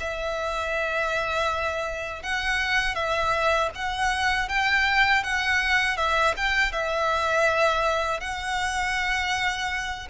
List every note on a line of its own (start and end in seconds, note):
0.00 2.23 E5
2.23 2.95 F#5
2.95 3.70 E5
3.75 4.49 F#5
4.49 5.24 G5
5.24 5.97 F#5
5.97 6.35 E5
6.37 6.73 G5
6.73 8.21 E5
8.21 10.08 F#5